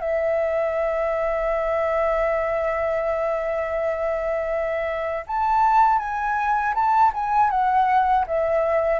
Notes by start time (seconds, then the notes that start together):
0.00 E5
5.27 A5
5.99 G#5
6.74 A5
7.14 G#5
7.50 F#5
8.27 E5